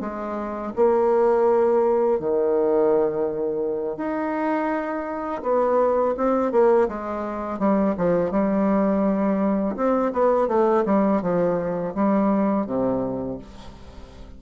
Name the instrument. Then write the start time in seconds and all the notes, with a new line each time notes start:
bassoon
0.00 G#3
0.75 A#3
2.19 D#3
3.97 D#4
5.42 B3
6.16 C4
6.51 A#3
6.88 G#3
7.58 G3
7.97 F3
8.31 G3
9.76 C4
10.12 B3
10.48 A3
10.85 G3
11.21 F3
11.94 G3
12.66 C3